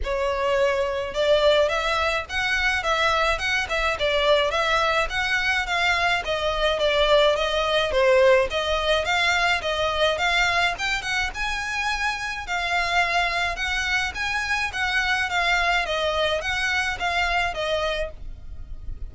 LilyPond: \new Staff \with { instrumentName = "violin" } { \time 4/4 \tempo 4 = 106 cis''2 d''4 e''4 | fis''4 e''4 fis''8 e''8 d''4 | e''4 fis''4 f''4 dis''4 | d''4 dis''4 c''4 dis''4 |
f''4 dis''4 f''4 g''8 fis''8 | gis''2 f''2 | fis''4 gis''4 fis''4 f''4 | dis''4 fis''4 f''4 dis''4 | }